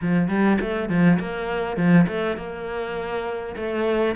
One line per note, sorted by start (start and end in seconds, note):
0.01 0.28 F3
0.28 0.58 G3
0.60 0.89 A3
0.89 1.19 F3
1.19 1.76 A#3
1.76 2.06 F3
2.07 2.36 A3
2.36 3.55 A#3
3.56 4.15 A3